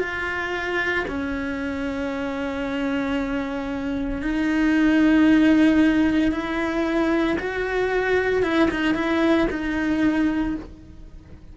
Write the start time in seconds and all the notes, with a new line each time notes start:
0.00 F4
1.08 C#4
4.22 D#4
6.32 E4
7.40 F#4
8.43 E4
8.71 D#4
8.95 E4
9.51 D#4